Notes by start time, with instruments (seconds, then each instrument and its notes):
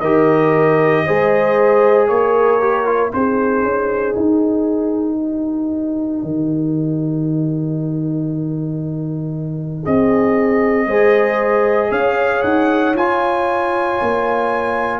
0.00 tuba D#3, trombone G4, horn A#4, trumpet D#5
1.06 tuba G#3, trombone G#4, horn C5
2.08 tuba A#3, horn A#4, trumpet C#5
2.61 trombone G4
2.85 trombone F4
3.11 tuba C4, trombone D#4, horn G#4, trumpet C5
3.63 tuba C#4
4.16 tuba D#4, trumpet A#4
5.18 horn G4
6.23 tuba D#3
9.83 tuba C4, horn G#4, trumpet D#5
10.86 tuba G#3, trombone G#4, horn C5
11.91 tuba C#4, horn C#5, trumpet F5
12.43 tuba D#4, trumpet F#5
12.94 tuba F4, trombone F4, trumpet G#5
14.01 tuba A#3